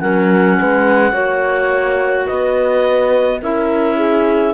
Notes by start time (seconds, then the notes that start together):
0.00 F#3 C#4 A#4 F#5
0.59 G#3 B4
1.12 A#3 F#4 C#5
2.27 B3 B4 D#5
3.42 C#4 E4 A#4 E5
3.97 G#4